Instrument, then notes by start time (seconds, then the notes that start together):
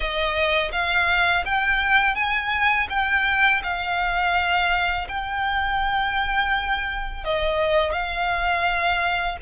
violin
0.00 D#5
0.72 F5
1.45 G5
2.15 G#5
2.89 G5
3.63 F5
5.08 G5
7.24 D#5
7.92 F5